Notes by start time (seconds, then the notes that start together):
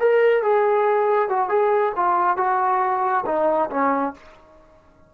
0.00 A#4
0.43 G#4
1.29 F#4
1.50 G#4
1.96 F4
2.37 F#4
3.26 D#4
3.70 C#4